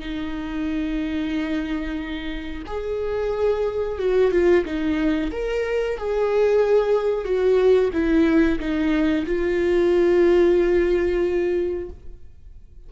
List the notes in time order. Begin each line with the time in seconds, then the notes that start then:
0.00 D#4
2.67 G#4
3.99 F#4
4.32 F4
4.65 D#4
5.32 A#4
5.98 G#4
7.25 F#4
7.94 E4
8.60 D#4
9.26 F4